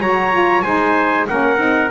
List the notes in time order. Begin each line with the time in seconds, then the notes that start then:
0.00 F#3 F#4 C#5 A#5
0.31 F4
0.62 G#3 D#4 C5 G#5
1.28 A#3 C#4 A#4 F#5
1.57 C4 D#4